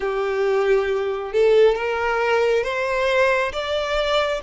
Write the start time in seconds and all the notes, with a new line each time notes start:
0.00 G4
1.32 A4
1.75 A#4
2.63 C5
3.52 D5